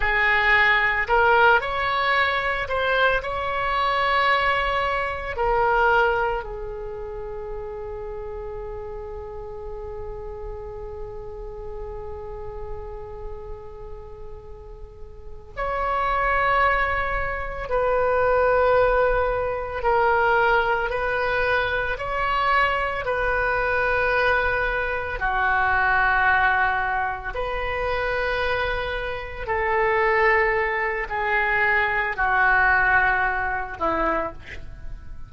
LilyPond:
\new Staff \with { instrumentName = "oboe" } { \time 4/4 \tempo 4 = 56 gis'4 ais'8 cis''4 c''8 cis''4~ | cis''4 ais'4 gis'2~ | gis'1~ | gis'2~ gis'8 cis''4.~ |
cis''8 b'2 ais'4 b'8~ | b'8 cis''4 b'2 fis'8~ | fis'4. b'2 a'8~ | a'4 gis'4 fis'4. e'8 | }